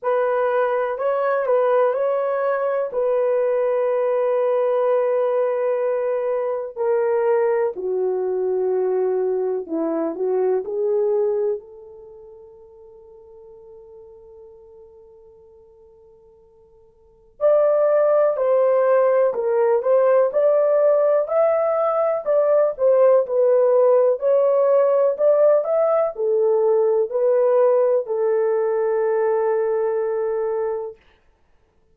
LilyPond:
\new Staff \with { instrumentName = "horn" } { \time 4/4 \tempo 4 = 62 b'4 cis''8 b'8 cis''4 b'4~ | b'2. ais'4 | fis'2 e'8 fis'8 gis'4 | a'1~ |
a'2 d''4 c''4 | ais'8 c''8 d''4 e''4 d''8 c''8 | b'4 cis''4 d''8 e''8 a'4 | b'4 a'2. | }